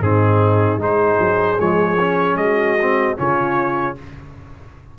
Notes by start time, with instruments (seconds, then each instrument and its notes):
0.00 tuba G#2, trombone C4, horn D#4, trumpet G#4
0.77 tuba G#3, trombone D#4, horn G#4, trumpet C5
1.19 tuba F#3
1.59 tuba F3, trombone G#3, trumpet C#5
2.00 trombone C#4
2.35 tuba G#3, horn F#4, trumpet D#5
2.81 trombone C4
3.16 tuba C#3, trombone C#4, horn F4, trumpet C#5